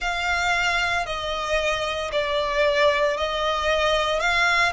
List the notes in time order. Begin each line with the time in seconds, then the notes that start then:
0.00 F5
1.05 D#5
2.11 D5
3.17 D#5
4.20 F5